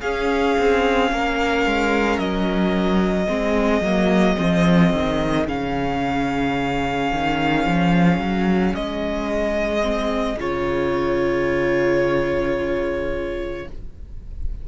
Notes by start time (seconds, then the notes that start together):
0.00 C#4 G#4 F5
0.58 C4
1.12 A#3 A#4
1.66 G#3
2.18 F#3 D#5
3.26 G#3 C4 G#4
3.81 F#3 A#3
4.37 F3 C4
4.93 D#3
5.47 C#3 C#4 F5
7.12 D#3
7.66 F3
8.19 F#3
8.74 G#3 D#5
9.81 C4
10.36 C#3 F4 C#5